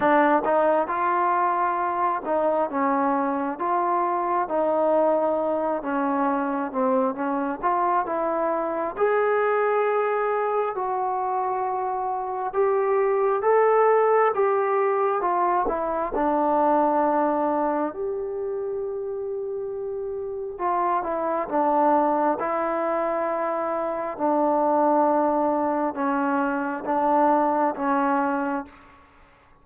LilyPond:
\new Staff \with { instrumentName = "trombone" } { \time 4/4 \tempo 4 = 67 d'8 dis'8 f'4. dis'8 cis'4 | f'4 dis'4. cis'4 c'8 | cis'8 f'8 e'4 gis'2 | fis'2 g'4 a'4 |
g'4 f'8 e'8 d'2 | g'2. f'8 e'8 | d'4 e'2 d'4~ | d'4 cis'4 d'4 cis'4 | }